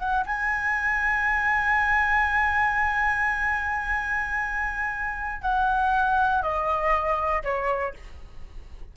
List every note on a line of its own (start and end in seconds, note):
0.00 0.25 F#5
0.26 5.42 G#5
5.42 6.43 F#5
6.43 7.43 D#5
7.44 7.94 C#5